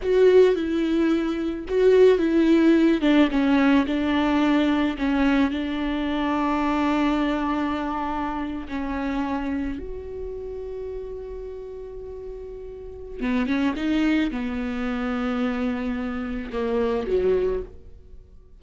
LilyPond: \new Staff \with { instrumentName = "viola" } { \time 4/4 \tempo 4 = 109 fis'4 e'2 fis'4 | e'4. d'8 cis'4 d'4~ | d'4 cis'4 d'2~ | d'2.~ d'8. cis'16~ |
cis'4.~ cis'16 fis'2~ fis'16~ | fis'1 | b8 cis'8 dis'4 b2~ | b2 ais4 fis4 | }